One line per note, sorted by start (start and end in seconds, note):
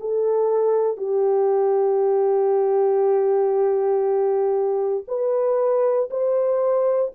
0.00 0.97 A4
0.97 5.04 G4
5.08 6.09 B4
6.11 7.12 C5